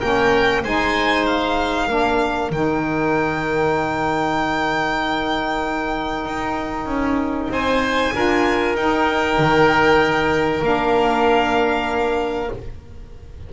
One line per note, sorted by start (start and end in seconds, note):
0.00 0.65 A#3
0.00 0.64 C#4
0.00 0.62 A#4
0.00 0.63 G5
0.64 1.89 G#3
0.64 1.89 D#4
0.64 1.88 C5
0.64 1.27 G#5
1.27 2.52 F5
1.88 2.51 A#3
1.88 2.51 D4
1.88 7.51 A#4
2.51 6.25 D#3
2.51 8.15 D#4
2.51 7.52 G5
6.25 6.86 D#4
6.86 7.48 C#4
7.50 8.13 C4
7.50 8.14 C5
7.50 8.77 G#5
8.15 8.75 D4
8.15 8.77 F4
8.15 12.53 A#4
8.75 9.38 D#4
8.75 10.63 D#4
8.75 10.64 G5
9.39 10.62 D#3
10.62 12.50 A#3
10.62 12.50 D4
10.62 12.52 F5